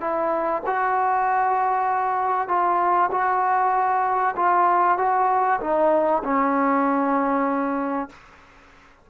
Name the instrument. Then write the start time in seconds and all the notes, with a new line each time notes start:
trombone
0.00 E4
0.66 F#4
2.48 F4
3.11 F#4
4.36 F4
4.97 F#4
5.60 D#4
6.23 C#4